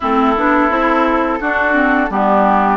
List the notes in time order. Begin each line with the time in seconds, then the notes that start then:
0.00 A3 C4 E4 A4
0.36 B3 D4
0.69 C4 E4
1.40 D4 F#4
1.73 C4
2.10 G3 B3 D4 G4